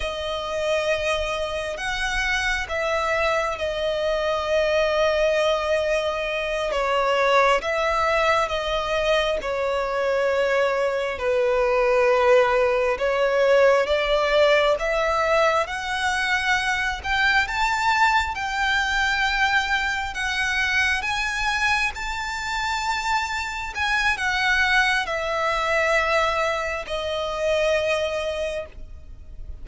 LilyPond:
\new Staff \with { instrumentName = "violin" } { \time 4/4 \tempo 4 = 67 dis''2 fis''4 e''4 | dis''2.~ dis''8 cis''8~ | cis''8 e''4 dis''4 cis''4.~ | cis''8 b'2 cis''4 d''8~ |
d''8 e''4 fis''4. g''8 a''8~ | a''8 g''2 fis''4 gis''8~ | gis''8 a''2 gis''8 fis''4 | e''2 dis''2 | }